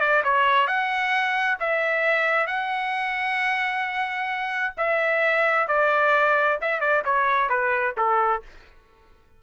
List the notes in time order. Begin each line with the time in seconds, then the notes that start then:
0.00 D5
0.24 C#5
0.67 F#5
1.60 E5
2.47 F#5
4.77 E5
5.68 D5
6.61 E5
6.80 D5
7.05 C#5
7.49 B4
7.97 A4